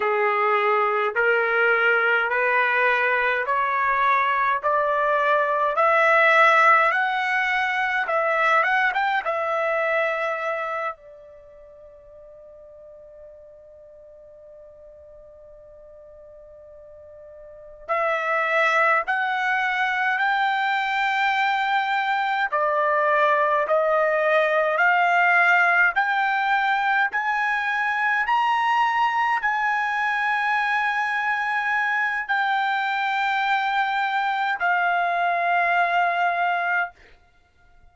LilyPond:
\new Staff \with { instrumentName = "trumpet" } { \time 4/4 \tempo 4 = 52 gis'4 ais'4 b'4 cis''4 | d''4 e''4 fis''4 e''8 fis''16 g''16 | e''4. d''2~ d''8~ | d''2.~ d''8 e''8~ |
e''8 fis''4 g''2 d''8~ | d''8 dis''4 f''4 g''4 gis''8~ | gis''8 ais''4 gis''2~ gis''8 | g''2 f''2 | }